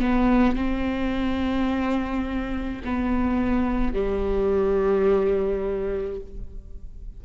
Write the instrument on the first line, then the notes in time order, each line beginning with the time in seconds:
viola
0.00 B3
0.56 C4
2.85 B3
3.94 G3